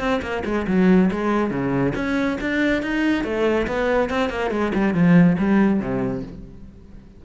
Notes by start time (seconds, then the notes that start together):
0.00 C4
0.22 A#3
0.46 G#3
0.68 F#3
1.12 G#3
1.51 C#3
1.96 C#4
2.41 D4
2.83 D#4
3.24 A3
3.68 B3
4.10 C4
4.30 A#3
4.51 G#3
4.75 G3
4.95 F3
5.39 G3
5.81 C3